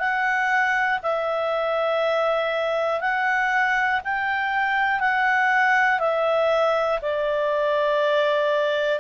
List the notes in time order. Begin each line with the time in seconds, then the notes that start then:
0.00 F#5
1.03 E5
3.01 F#5
4.05 G5
5.00 F#5
6.00 E5
7.02 D5